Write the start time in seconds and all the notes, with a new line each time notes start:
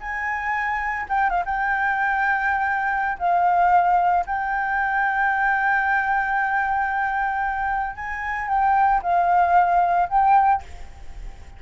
0.00 G#5
1.09 G5
1.30 F5
1.45 G5
3.19 F5
4.26 G5
7.96 G#5
8.48 G5
9.02 F5
10.09 G5